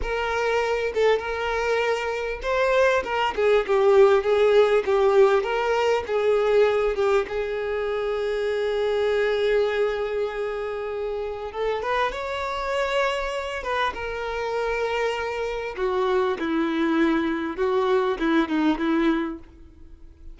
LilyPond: \new Staff \with { instrumentName = "violin" } { \time 4/4 \tempo 4 = 99 ais'4. a'8 ais'2 | c''4 ais'8 gis'8 g'4 gis'4 | g'4 ais'4 gis'4. g'8 | gis'1~ |
gis'2. a'8 b'8 | cis''2~ cis''8 b'8 ais'4~ | ais'2 fis'4 e'4~ | e'4 fis'4 e'8 dis'8 e'4 | }